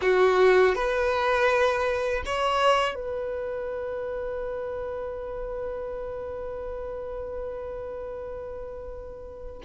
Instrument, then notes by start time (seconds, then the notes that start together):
violin
0.01 F#4
0.75 B4
2.25 C#5
2.95 B4